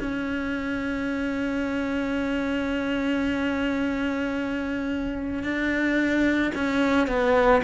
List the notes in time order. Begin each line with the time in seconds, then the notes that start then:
0.00 C#4
5.43 D4
6.55 C#4
7.07 B3